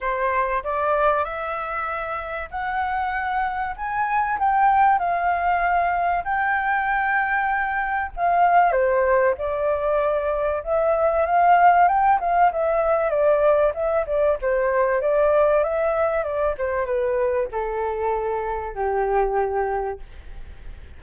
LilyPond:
\new Staff \with { instrumentName = "flute" } { \time 4/4 \tempo 4 = 96 c''4 d''4 e''2 | fis''2 gis''4 g''4 | f''2 g''2~ | g''4 f''4 c''4 d''4~ |
d''4 e''4 f''4 g''8 f''8 | e''4 d''4 e''8 d''8 c''4 | d''4 e''4 d''8 c''8 b'4 | a'2 g'2 | }